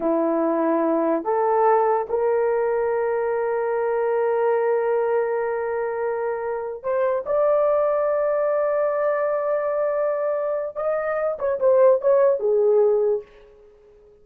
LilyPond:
\new Staff \with { instrumentName = "horn" } { \time 4/4 \tempo 4 = 145 e'2. a'4~ | a'4 ais'2.~ | ais'1~ | ais'1~ |
ais'8 c''4 d''2~ d''8~ | d''1~ | d''2 dis''4. cis''8 | c''4 cis''4 gis'2 | }